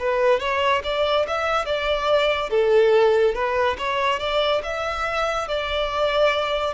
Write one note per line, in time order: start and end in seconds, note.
0.00 0.40 B4
0.40 0.83 C#5
0.85 1.27 D5
1.28 1.66 E5
1.66 2.50 D5
2.50 3.35 A4
3.35 3.77 B4
3.79 4.20 C#5
4.20 4.62 D5
4.64 5.48 E5
5.48 6.75 D5